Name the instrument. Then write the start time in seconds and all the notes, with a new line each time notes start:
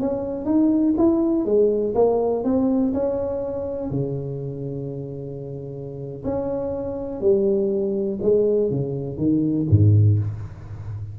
tuba
0.00 C#4
0.45 D#4
0.97 E4
1.45 G#3
1.95 A#3
2.44 C4
2.94 C#4
3.91 C#3
6.24 C#4
7.21 G3
8.22 G#3
8.70 C#3
9.17 D#3
9.70 G#2